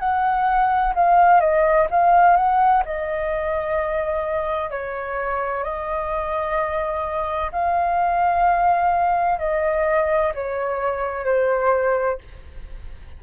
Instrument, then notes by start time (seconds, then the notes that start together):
flute
0.00 F#5
0.95 F5
1.41 D#5
1.91 F5
2.37 F#5
2.86 D#5
4.71 C#5
5.64 D#5
7.53 F5
9.40 D#5
10.35 C#5
11.25 C5